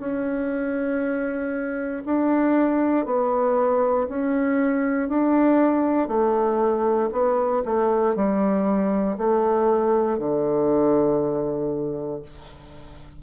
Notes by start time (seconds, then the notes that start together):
0.00 C#4
2.06 D4
3.06 B3
4.09 C#4
5.09 D4
6.08 A3
7.12 B3
7.65 A3
8.16 G3
9.18 A3
10.19 D3